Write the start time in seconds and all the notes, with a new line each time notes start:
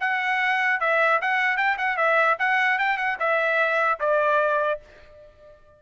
0.00 F#5
0.80 E5
1.21 F#5
1.57 G5
1.78 F#5
1.97 E5
2.39 F#5
2.78 G5
2.97 F#5
3.19 E5
3.99 D5